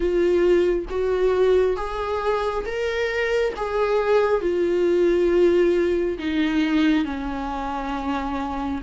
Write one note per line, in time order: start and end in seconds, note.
0.00 0.85 F4
0.89 1.76 F#4
1.76 2.64 G#4
2.65 3.53 A#4
3.56 4.41 G#4
4.41 6.18 F4
6.18 7.04 D#4
7.04 8.81 C#4